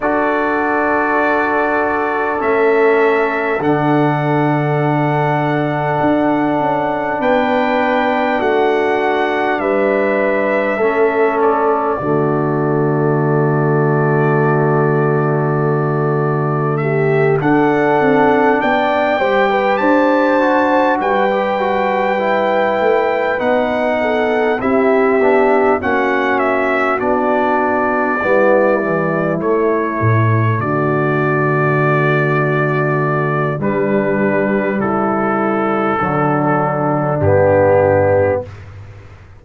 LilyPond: <<
  \new Staff \with { instrumentName = "trumpet" } { \time 4/4 \tempo 4 = 50 d''2 e''4 fis''4~ | fis''2 g''4 fis''4 | e''4. d''2~ d''8~ | d''2 e''8 fis''4 g''8~ |
g''8 a''4 g''2 fis''8~ | fis''8 e''4 fis''8 e''8 d''4.~ | d''8 cis''4 d''2~ d''8 | b'4 a'2 g'4 | }
  \new Staff \with { instrumentName = "horn" } { \time 4/4 a'1~ | a'2 b'4 fis'4 | b'4 a'4 fis'2~ | fis'2 g'8 a'4 d''8 |
c''16 b'16 c''4 b'2~ b'8 | a'8 g'4 fis'2 e'8~ | e'4. fis'2~ fis'8 | d'4 e'4 d'2 | }
  \new Staff \with { instrumentName = "trombone" } { \time 4/4 fis'2 cis'4 d'4~ | d'1~ | d'4 cis'4 a2~ | a2~ a8 d'4. |
g'4 fis'8. g'16 fis'8 e'4 dis'8~ | dis'8 e'8 d'8 cis'4 d'4 b8 | e8 a2.~ a8 | g2 fis4 b4 | }
  \new Staff \with { instrumentName = "tuba" } { \time 4/4 d'2 a4 d4~ | d4 d'8 cis'8 b4 a4 | g4 a4 d2~ | d2~ d8 d'8 c'8 b8 |
g8 d'4 g4. a8 b8~ | b8 c'8 b8 ais4 b4 g8~ | g8 a8 a,8 d2~ d8 | g4 cis4 d4 g,4 | }
>>